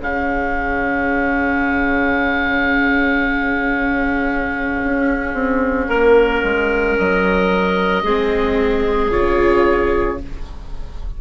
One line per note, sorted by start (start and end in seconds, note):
0.00 4.82 C#3
0.00 8.06 C#4
0.00 5.89 G#4
0.00 6.99 F5
4.84 5.34 C#4
5.34 5.87 C4
5.88 6.42 A#3
5.88 8.03 A#4
6.44 6.97 G#3
6.99 8.04 F#3
6.99 9.11 D#5
8.04 9.11 G#3
8.04 9.11 C4
8.04 10.18 G#4
9.11 10.21 C#3
9.11 10.18 F4
9.11 10.19 C#5